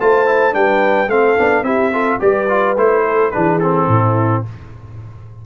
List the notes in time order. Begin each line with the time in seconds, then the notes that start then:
0.00 A3 F4 C5 A5
0.26 E4
0.52 G3 D4 B4 G5
1.08 A3 C4 A4 F5
1.38 B3 D4
1.62 C4 E4 G4 E5
1.92 F4 A4
2.20 G3 G4 B4 D5
2.49 F4
2.77 A3 E4 C5
3.06 A4
3.31 E3 D4 G#4 B4
3.60 C4 A4
3.88 A2 E4